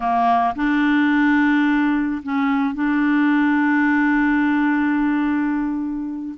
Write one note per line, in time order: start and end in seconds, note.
0.00 0.54 A#3
0.55 2.22 D4
2.22 2.74 C#4
2.74 6.35 D4